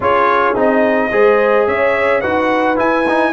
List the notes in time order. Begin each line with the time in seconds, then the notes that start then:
0.00 C#4 F4 G#4 C#5
0.55 C4 D#4 D#5
1.12 G#3 G#4 C5
1.67 C#4 C#5 E5
2.20 D#4 F#4 B4 F#5
2.76 E4 G#5
3.08 D#4